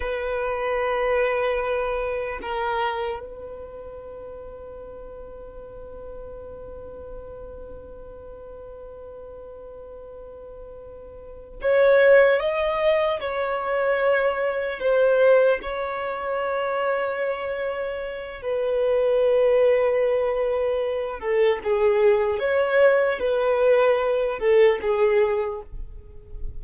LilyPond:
\new Staff \with { instrumentName = "violin" } { \time 4/4 \tempo 4 = 75 b'2. ais'4 | b'1~ | b'1~ | b'2~ b'8 cis''4 dis''8~ |
dis''8 cis''2 c''4 cis''8~ | cis''2. b'4~ | b'2~ b'8 a'8 gis'4 | cis''4 b'4. a'8 gis'4 | }